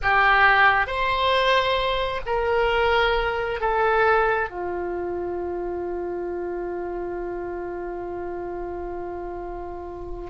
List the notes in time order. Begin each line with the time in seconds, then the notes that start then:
0.02 G4
0.87 C5
2.26 A#4
3.60 A4
4.49 F4